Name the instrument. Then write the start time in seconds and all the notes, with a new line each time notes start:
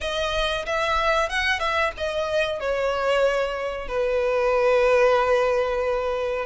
violin
0.01 D#5
0.65 E5
1.29 F#5
1.59 E5
1.97 D#5
2.60 C#5
3.87 B4